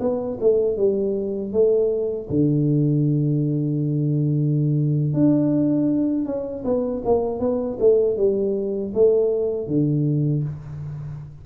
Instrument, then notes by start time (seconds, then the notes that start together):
tuba
0.00 B3
0.40 A3
0.77 G3
1.52 A3
2.30 D3
5.13 D4
6.25 C#4
6.64 B3
7.05 A#3
7.39 B3
7.80 A3
8.17 G3
8.94 A3
9.67 D3